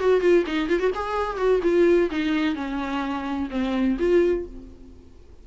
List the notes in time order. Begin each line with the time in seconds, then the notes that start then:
0.00 F#4
0.21 F4
0.46 D#4
0.69 F4
0.79 F#4
0.95 G#4
1.37 F#4
1.63 F4
2.11 D#4
2.55 C#4
3.50 C4
3.99 F4